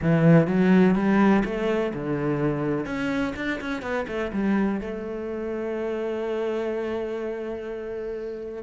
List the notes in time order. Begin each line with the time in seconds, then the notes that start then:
0.02 E3
0.47 F#3
0.95 G3
1.44 A3
1.94 D3
2.85 C#4
3.36 D4
3.60 C#4
3.81 B3
4.07 A3
4.32 G3
4.80 A3